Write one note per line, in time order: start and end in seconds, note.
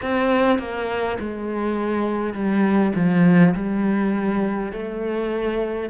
0.02 0.59 C4
0.59 1.18 A#3
1.19 2.33 G#3
2.33 2.92 G3
2.95 3.53 F3
3.54 4.72 G3
4.72 5.89 A3